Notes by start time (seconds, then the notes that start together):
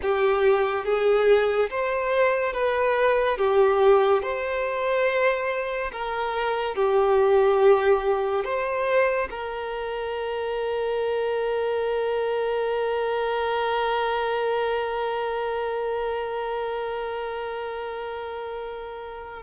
0.02 G4
0.85 G#4
1.70 C5
2.53 B4
3.37 G4
4.22 C5
5.92 A#4
6.75 G4
8.44 C5
9.30 A#4